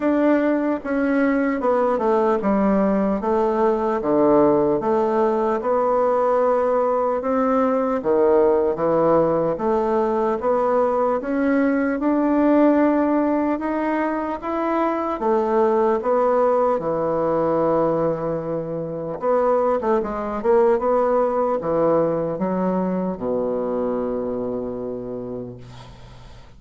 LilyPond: \new Staff \with { instrumentName = "bassoon" } { \time 4/4 \tempo 4 = 75 d'4 cis'4 b8 a8 g4 | a4 d4 a4 b4~ | b4 c'4 dis4 e4 | a4 b4 cis'4 d'4~ |
d'4 dis'4 e'4 a4 | b4 e2. | b8. a16 gis8 ais8 b4 e4 | fis4 b,2. | }